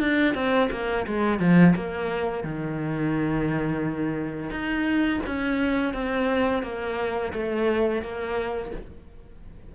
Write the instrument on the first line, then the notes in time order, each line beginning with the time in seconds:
cello
0.00 D4
0.35 C4
0.72 A#3
1.08 G#3
1.40 F3
1.76 A#3
2.44 D#3
4.51 D#4
5.27 C#4
5.94 C4
6.63 A#3
7.33 A3
8.02 A#3